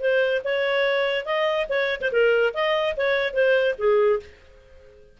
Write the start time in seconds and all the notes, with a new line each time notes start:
0.00 C5
0.44 C#5
1.25 D#5
1.69 C#5
2.01 C5
2.12 A#4
2.54 D#5
2.96 C#5
3.33 C5
3.78 G#4